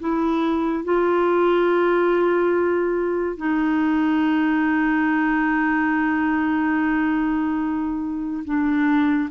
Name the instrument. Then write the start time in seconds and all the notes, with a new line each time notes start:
clarinet
0.00 E4
0.84 F4
3.37 D#4
8.45 D4